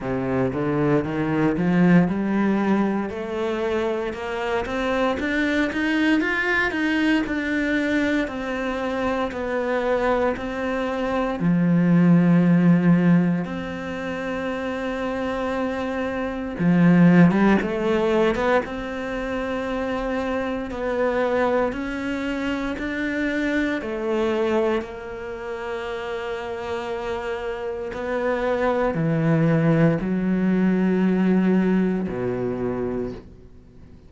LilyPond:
\new Staff \with { instrumentName = "cello" } { \time 4/4 \tempo 4 = 58 c8 d8 dis8 f8 g4 a4 | ais8 c'8 d'8 dis'8 f'8 dis'8 d'4 | c'4 b4 c'4 f4~ | f4 c'2. |
f8. g16 a8. b16 c'2 | b4 cis'4 d'4 a4 | ais2. b4 | e4 fis2 b,4 | }